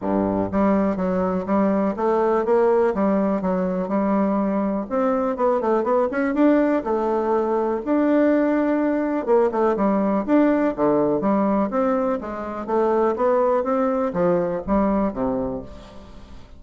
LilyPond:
\new Staff \with { instrumentName = "bassoon" } { \time 4/4 \tempo 4 = 123 g,4 g4 fis4 g4 | a4 ais4 g4 fis4 | g2 c'4 b8 a8 | b8 cis'8 d'4 a2 |
d'2. ais8 a8 | g4 d'4 d4 g4 | c'4 gis4 a4 b4 | c'4 f4 g4 c4 | }